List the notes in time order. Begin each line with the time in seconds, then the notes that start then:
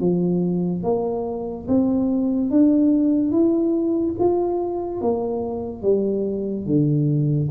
0.00 F3
0.83 A#3
1.68 C4
2.50 D4
3.31 E4
4.19 F4
5.01 A#3
5.83 G3
6.66 D3